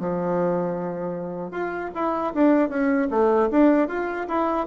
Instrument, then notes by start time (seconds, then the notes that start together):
bassoon
0.00 F3
1.52 F4
1.95 E4
2.34 D4
2.70 C#4
3.11 A3
3.51 D4
3.88 F4
4.28 E4